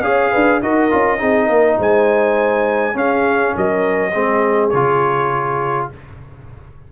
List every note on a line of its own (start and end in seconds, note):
0.00 0.29 C#4
0.00 0.62 G#4
0.00 0.31 C#5
0.00 0.60 F5
0.31 0.62 D4
0.31 0.60 B4
0.62 0.92 D#4
0.62 0.90 F#4
0.62 1.20 A#4
0.62 1.79 D#5
0.90 1.21 C#4
0.90 1.18 F4
1.18 1.48 C4
1.18 2.93 D#4
1.18 1.46 G#4
1.46 1.77 A#3
1.46 1.75 A#4
1.78 2.94 G#3
1.78 2.95 C5
1.78 2.97 G#5
2.93 4.11 C#4
2.93 3.53 C#4
2.93 3.54 G#4
2.93 3.55 F5
3.54 4.15 F#3
3.54 4.12 A#4
3.54 4.69 D#5
4.12 4.73 G#3
4.12 4.72 C4
4.12 5.88 G#4
4.69 5.91 C#3
4.69 5.92 F4
4.69 5.87 C#5